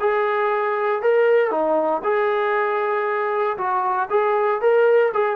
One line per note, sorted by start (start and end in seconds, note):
0.00 1.02 G#4
1.02 1.51 A#4
1.51 2.02 D#4
2.03 3.57 G#4
3.58 4.09 F#4
4.10 4.61 G#4
4.61 5.12 A#4
5.14 5.36 G#4